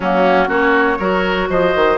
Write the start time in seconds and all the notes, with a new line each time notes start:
0.00 F#3 A#3 C#4 F#4
0.47 A#3 C#4 F#4 C#5
0.99 F#3 F#4 A#4
1.49 F3 C5 D#5
1.75 D#3